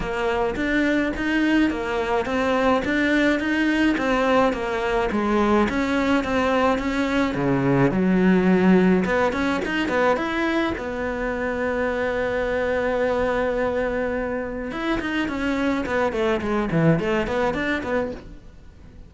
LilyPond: \new Staff \with { instrumentName = "cello" } { \time 4/4 \tempo 4 = 106 ais4 d'4 dis'4 ais4 | c'4 d'4 dis'4 c'4 | ais4 gis4 cis'4 c'4 | cis'4 cis4 fis2 |
b8 cis'8 dis'8 b8 e'4 b4~ | b1~ | b2 e'8 dis'8 cis'4 | b8 a8 gis8 e8 a8 b8 d'8 b8 | }